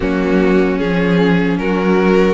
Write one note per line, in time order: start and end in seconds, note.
0.00 0.80 F#3
0.00 0.79 A#3
0.00 1.56 C#4
0.00 0.78 F#4
0.78 1.58 F3
0.78 2.34 C#4
0.78 1.57 G#4
1.58 2.34 F#3
1.58 2.34 F#4
1.58 2.34 A#4